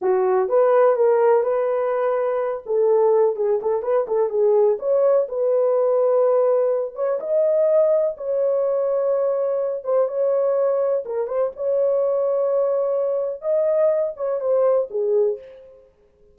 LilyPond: \new Staff \with { instrumentName = "horn" } { \time 4/4 \tempo 4 = 125 fis'4 b'4 ais'4 b'4~ | b'4. a'4. gis'8 a'8 | b'8 a'8 gis'4 cis''4 b'4~ | b'2~ b'8 cis''8 dis''4~ |
dis''4 cis''2.~ | cis''8 c''8 cis''2 ais'8 c''8 | cis''1 | dis''4. cis''8 c''4 gis'4 | }